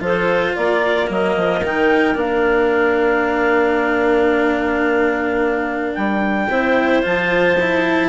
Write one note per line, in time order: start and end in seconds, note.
0.00 0.54 F3
0.00 1.07 F4
0.00 0.52 A4
0.00 0.55 C5
0.52 1.09 A#3
0.52 6.47 A#4
0.52 1.09 D5
1.07 1.36 F#3
1.07 1.61 A#3
1.07 1.64 D#5
1.36 1.63 F3
1.63 2.15 D#3
1.63 2.15 D#4
1.63 2.18 G5
2.15 5.94 A#3
2.15 6.47 D4
2.15 5.94 F5
5.94 6.48 G3
5.94 7.02 G5
6.48 7.02 C4
6.48 7.02 E4
6.48 8.09 C5
7.02 8.09 F3
7.02 7.57 F4
7.02 8.09 A5
7.60 8.09 E4